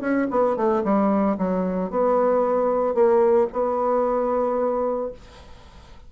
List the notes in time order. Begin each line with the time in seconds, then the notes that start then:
0.00 C#4
0.30 B3
0.56 A3
0.84 G3
1.37 F#3
1.90 B3
2.94 A#3
3.52 B3